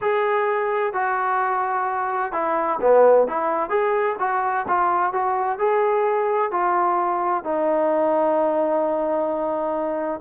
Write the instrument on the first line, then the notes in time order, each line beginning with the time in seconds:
trombone
0.01 G#4
0.93 F#4
2.32 E4
2.81 B3
3.27 E4
3.69 G#4
4.19 F#4
4.67 F4
5.12 F#4
5.59 G#4
6.51 F4
7.44 D#4